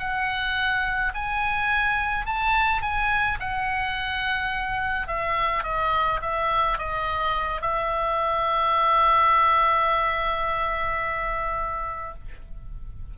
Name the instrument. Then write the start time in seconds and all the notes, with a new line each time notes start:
oboe
0.00 F#5
1.15 G#5
2.26 A5
2.83 G#5
3.40 F#5
5.08 E5
5.64 D#5
6.22 E5
6.79 D#5
7.62 E5